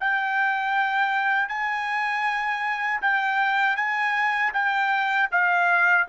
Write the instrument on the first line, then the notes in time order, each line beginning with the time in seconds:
trumpet
0.00 G5
1.48 G#5
3.01 G5
3.76 G#5
4.54 G5
5.31 F5